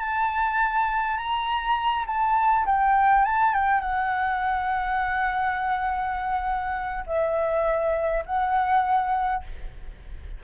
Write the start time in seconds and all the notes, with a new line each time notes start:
0.00 A5
1.17 A#5
2.07 A5
2.66 G5
3.25 A5
3.54 G5
3.81 F#5
7.07 E5
8.26 F#5